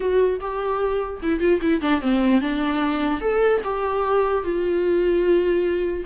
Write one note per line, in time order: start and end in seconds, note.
0.00 0.40 F#4
0.40 1.21 G4
1.22 1.40 E4
1.40 1.60 F4
1.61 1.81 E4
1.81 2.01 D4
2.01 2.41 C4
2.41 3.20 D4
3.20 3.61 A4
3.64 4.43 G4
4.43 6.04 F4